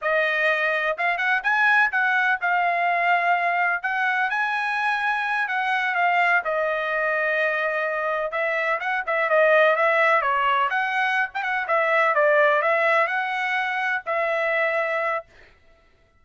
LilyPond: \new Staff \with { instrumentName = "trumpet" } { \time 4/4 \tempo 4 = 126 dis''2 f''8 fis''8 gis''4 | fis''4 f''2. | fis''4 gis''2~ gis''8 fis''8~ | fis''8 f''4 dis''2~ dis''8~ |
dis''4. e''4 fis''8 e''8 dis''8~ | dis''8 e''4 cis''4 fis''4~ fis''16 g''16 | fis''8 e''4 d''4 e''4 fis''8~ | fis''4. e''2~ e''8 | }